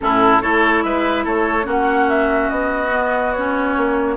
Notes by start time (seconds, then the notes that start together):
0.00 A2 C#4 E4 A4
0.40 A3 E4 A4 C#5
0.83 G#3 B4 E5
1.24 A3 A4 C#5
1.63 A#3 C#4 F#4
1.69 F#5
2.09 E5
2.49 B3 D#5
2.92 B3
3.32 C#4 C#5
3.77 A#3